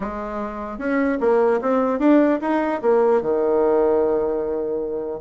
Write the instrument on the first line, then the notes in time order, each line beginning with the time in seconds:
bassoon
0.00 G#3
0.78 C#4
1.20 A#3
1.61 C4
1.99 D4
2.41 D#4
2.81 A#3
3.21 D#3